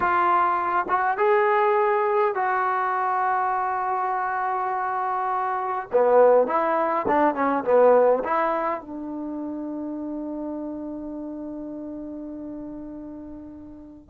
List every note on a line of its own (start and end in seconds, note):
0.00 0.86 F4
0.88 1.17 F#4
1.17 2.34 G#4
2.34 5.87 F#4
5.92 6.47 B3
6.47 7.06 E4
7.07 7.34 D4
7.34 7.64 C#4
7.64 8.23 B3
8.24 8.80 E4
8.80 14.10 D4